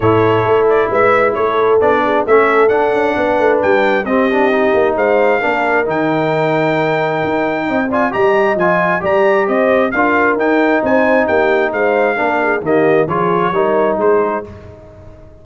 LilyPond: <<
  \new Staff \with { instrumentName = "trumpet" } { \time 4/4 \tempo 4 = 133 cis''4. d''8 e''4 cis''4 | d''4 e''4 fis''2 | g''4 dis''2 f''4~ | f''4 g''2.~ |
g''4. gis''8 ais''4 gis''4 | ais''4 dis''4 f''4 g''4 | gis''4 g''4 f''2 | dis''4 cis''2 c''4 | }
  \new Staff \with { instrumentName = "horn" } { \time 4/4 a'2 b'4 a'4~ | a'8 gis'8 a'2 b'4~ | b'4 g'2 c''4 | ais'1~ |
ais'4 dis''8 d''8 dis''2 | d''4 c''4 ais'2 | c''4 g'4 c''4 ais'8 gis'8 | g'4 gis'4 ais'4 gis'4 | }
  \new Staff \with { instrumentName = "trombone" } { \time 4/4 e'1 | d'4 cis'4 d'2~ | d'4 c'8 d'8 dis'2 | d'4 dis'2.~ |
dis'4. f'8 g'4 f'4 | g'2 f'4 dis'4~ | dis'2. d'4 | ais4 f'4 dis'2 | }
  \new Staff \with { instrumentName = "tuba" } { \time 4/4 a,4 a4 gis4 a4 | b4 a4 d'8 cis'8 b8 a8 | g4 c'4. ais8 gis4 | ais4 dis2. |
dis'4 c'4 g4 f4 | g4 c'4 d'4 dis'4 | c'4 ais4 gis4 ais4 | dis4 f4 g4 gis4 | }
>>